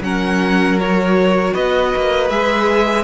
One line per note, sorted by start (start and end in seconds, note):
0.00 1.52 F#3
0.00 0.79 C#4
0.00 1.53 A#4
0.00 0.79 F#5
0.79 2.30 F#4
0.79 1.54 C#5
1.53 1.94 B3
1.53 3.04 B4
1.53 2.29 D#5
1.95 2.29 A#3
2.29 3.04 G#3
2.29 3.04 G#4
2.29 3.04 E5